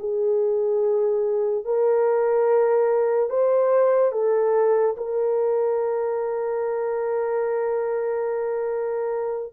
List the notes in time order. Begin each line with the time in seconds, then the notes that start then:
0.00 G#4
1.65 A#4
3.30 C5
4.12 A4
4.97 A#4